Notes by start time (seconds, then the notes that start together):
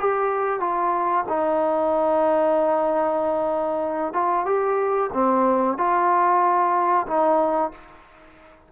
0.00 G4
0.60 F4
1.29 D#4
4.13 F4
4.46 G4
5.14 C4
5.78 F4
7.07 D#4